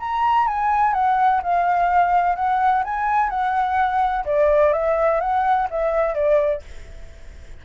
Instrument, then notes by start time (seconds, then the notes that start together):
flute
0.00 A#5
0.48 G#5
0.94 F#5
1.43 F5
2.36 F#5
2.84 G#5
3.30 F#5
4.26 D5
4.73 E5
5.21 F#5
5.71 E5
6.15 D5